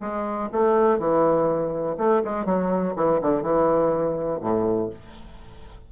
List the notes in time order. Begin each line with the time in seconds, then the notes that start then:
0.00 G#3
0.52 A3
0.99 E3
1.98 A3
2.24 G#3
2.45 F#3
2.96 E3
3.21 D3
3.42 E3
4.41 A2